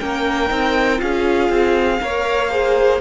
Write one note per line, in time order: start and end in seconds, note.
0.00 0.51 A#3
0.00 0.49 C#4
0.00 1.02 A#4
0.00 1.01 G5
0.49 1.01 C4
0.49 0.97 D#4
0.97 1.50 C#4
0.97 1.97 F4
0.97 2.03 G#4
0.97 3.01 F5
1.50 2.00 C4
2.01 3.01 A#3
2.01 2.50 A#4
2.01 2.52 C#5
2.50 3.00 G#4
2.50 3.01 C5